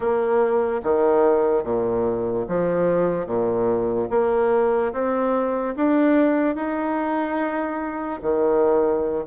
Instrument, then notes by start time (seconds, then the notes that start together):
bassoon
0.00 A#3
0.83 D#3
1.63 A#2
2.47 F3
3.26 A#2
4.10 A#3
4.92 C4
5.76 D4
6.55 D#4
8.22 D#3